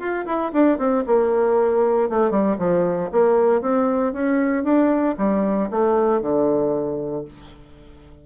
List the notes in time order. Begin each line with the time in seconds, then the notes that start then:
0.00 F4
0.27 E4
0.53 D4
0.79 C4
1.07 A#3
2.10 A3
2.31 G3
2.59 F3
3.12 A#3
3.62 C4
4.14 C#4
4.64 D4
5.18 G3
5.71 A3
6.22 D3